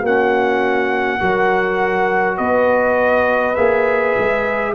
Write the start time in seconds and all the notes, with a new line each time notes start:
0.00 A#3 C#4 F#4 F#5
1.20 F#3 F#4 A#4
2.37 B3 B4 D#5
3.55 A#3 G#4 E5
4.18 G#3